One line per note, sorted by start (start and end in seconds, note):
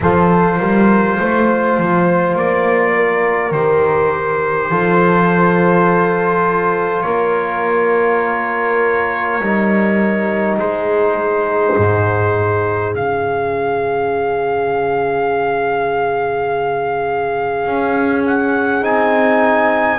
0.00 0.59 F3
0.00 3.53 F4
0.00 0.59 A4
0.00 2.37 C5
0.59 1.18 G3
0.59 1.18 A#4
1.19 1.77 A3
1.19 2.94 C5
1.77 2.35 F3
2.35 3.51 A#3
2.35 3.51 D5
2.94 4.70 A#4
3.51 4.69 D#3
3.51 4.70 G4
3.51 7.01 C5
4.69 7.04 F3
4.69 9.41 F4
4.69 7.05 A4
7.01 9.40 A#3
7.01 10.58 A#4
7.01 10.54 C#5
9.40 10.58 G3
9.40 12.94 D#4
10.58 11.76 G#3
10.58 19.98 G#4
10.58 12.94 C5
11.77 12.94 G#2
12.94 17.64 C#3
12.94 18.81 C#4
12.94 18.25 F5
17.64 18.82 C#4
18.26 18.84 F#5
18.81 19.98 C4
18.81 19.98 D#4
18.81 19.98 G#5